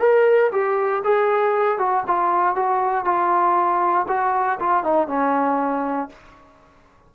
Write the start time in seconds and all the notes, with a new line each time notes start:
0.00 A#4
0.52 G4
1.04 G#4
1.78 F#4
2.08 F4
2.56 F#4
3.05 F4
4.08 F#4
4.60 F4
4.84 D#4
5.08 C#4